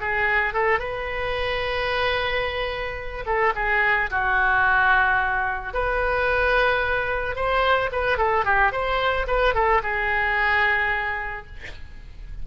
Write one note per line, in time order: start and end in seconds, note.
0.00 0.53 G#4
0.53 0.79 A4
0.79 3.25 B4
3.26 3.53 A4
3.55 4.10 G#4
4.10 5.73 F#4
5.73 7.35 B4
7.35 7.90 C5
7.92 8.17 B4
8.17 8.44 A4
8.44 8.71 G4
8.71 9.26 C5
9.27 9.54 B4
9.54 9.81 A4
9.83 11.46 G#4